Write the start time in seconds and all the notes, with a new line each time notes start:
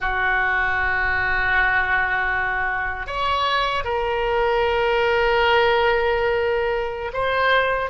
0.00 F#4
3.06 C#5
3.84 A#4
7.13 C5